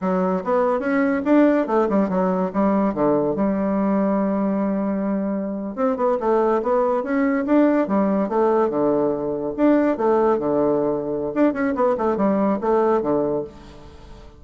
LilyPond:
\new Staff \with { instrumentName = "bassoon" } { \time 4/4 \tempo 4 = 143 fis4 b4 cis'4 d'4 | a8 g8 fis4 g4 d4 | g1~ | g4.~ g16 c'8 b8 a4 b16~ |
b8. cis'4 d'4 g4 a16~ | a8. d2 d'4 a16~ | a8. d2~ d16 d'8 cis'8 | b8 a8 g4 a4 d4 | }